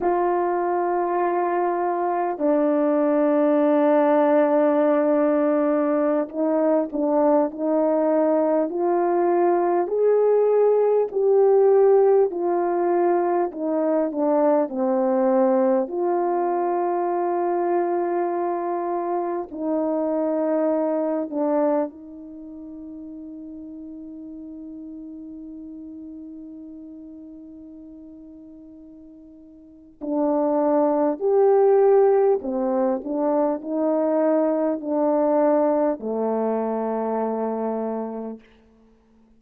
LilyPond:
\new Staff \with { instrumentName = "horn" } { \time 4/4 \tempo 4 = 50 f'2 d'2~ | d'4~ d'16 dis'8 d'8 dis'4 f'8.~ | f'16 gis'4 g'4 f'4 dis'8 d'16~ | d'16 c'4 f'2~ f'8.~ |
f'16 dis'4. d'8 dis'4.~ dis'16~ | dis'1~ | dis'4 d'4 g'4 c'8 d'8 | dis'4 d'4 a2 | }